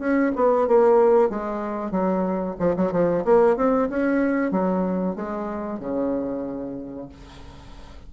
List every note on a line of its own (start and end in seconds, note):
0.00 0.32 C#4
0.36 0.68 B3
0.68 1.30 A#3
1.30 1.92 G#3
1.92 2.56 F#3
2.60 2.76 F3
2.77 2.93 F#3
2.93 3.25 F3
3.25 3.57 A#3
3.57 3.89 C4
3.90 4.52 C#4
4.52 5.16 F#3
5.16 5.80 G#3
5.80 7.09 C#3